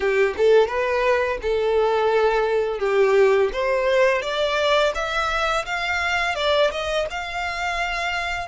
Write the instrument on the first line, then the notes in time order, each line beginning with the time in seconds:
violin
0.00 G4
0.37 A4
0.67 B4
1.41 A4
2.79 G4
3.53 C5
4.22 D5
4.94 E5
5.65 F5
6.35 D5
6.71 D#5
7.10 F5